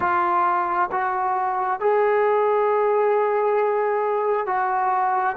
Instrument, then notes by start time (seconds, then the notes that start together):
trombone
0.00 F4
0.91 F#4
1.80 G#4
4.46 F#4